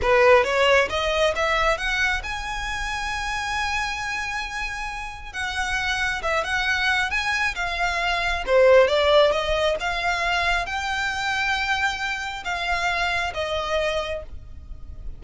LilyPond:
\new Staff \with { instrumentName = "violin" } { \time 4/4 \tempo 4 = 135 b'4 cis''4 dis''4 e''4 | fis''4 gis''2.~ | gis''1 | fis''2 e''8 fis''4. |
gis''4 f''2 c''4 | d''4 dis''4 f''2 | g''1 | f''2 dis''2 | }